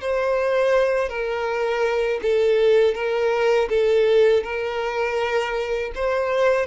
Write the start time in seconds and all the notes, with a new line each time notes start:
0.00 C5
1.08 A#4
2.22 A4
2.94 A#4
3.69 A4
4.43 A#4
5.95 C5